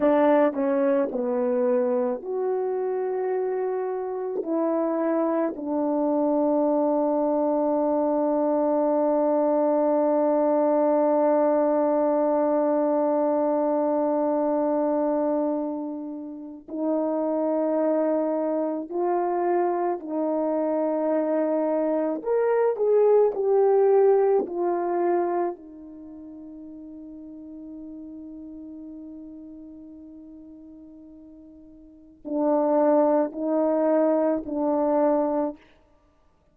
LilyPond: \new Staff \with { instrumentName = "horn" } { \time 4/4 \tempo 4 = 54 d'8 cis'8 b4 fis'2 | e'4 d'2.~ | d'1~ | d'2. dis'4~ |
dis'4 f'4 dis'2 | ais'8 gis'8 g'4 f'4 dis'4~ | dis'1~ | dis'4 d'4 dis'4 d'4 | }